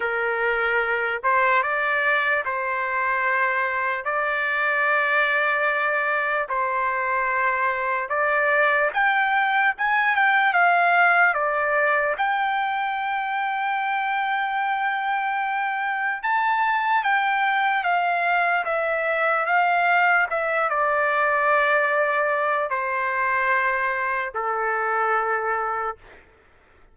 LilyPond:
\new Staff \with { instrumentName = "trumpet" } { \time 4/4 \tempo 4 = 74 ais'4. c''8 d''4 c''4~ | c''4 d''2. | c''2 d''4 g''4 | gis''8 g''8 f''4 d''4 g''4~ |
g''1 | a''4 g''4 f''4 e''4 | f''4 e''8 d''2~ d''8 | c''2 a'2 | }